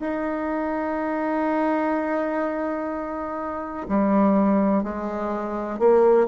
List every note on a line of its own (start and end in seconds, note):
0.00 3.87 D#4
3.88 4.83 G3
4.83 5.79 G#3
5.79 6.27 A#3